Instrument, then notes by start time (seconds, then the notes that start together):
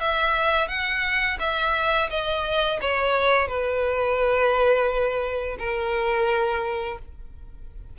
violin
0.00 E5
0.68 F#5
1.40 E5
2.10 D#5
2.81 C#5
3.48 B4
5.59 A#4